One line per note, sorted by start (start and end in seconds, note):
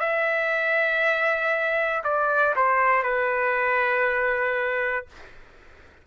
0.00 2.03 E5
2.04 2.55 D5
2.56 3.04 C5
3.04 5.07 B4